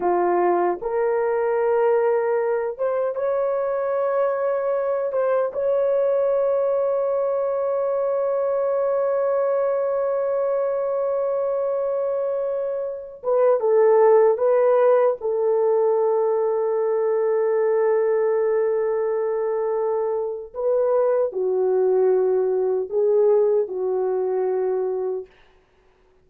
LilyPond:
\new Staff \with { instrumentName = "horn" } { \time 4/4 \tempo 4 = 76 f'4 ais'2~ ais'8 c''8 | cis''2~ cis''8 c''8 cis''4~ | cis''1~ | cis''1~ |
cis''8. b'8 a'4 b'4 a'8.~ | a'1~ | a'2 b'4 fis'4~ | fis'4 gis'4 fis'2 | }